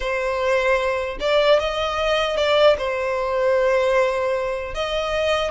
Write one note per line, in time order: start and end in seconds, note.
0.00 1.18 C5
1.19 1.59 D5
1.59 2.36 D#5
2.36 2.76 D5
2.78 4.74 C5
4.74 5.51 D#5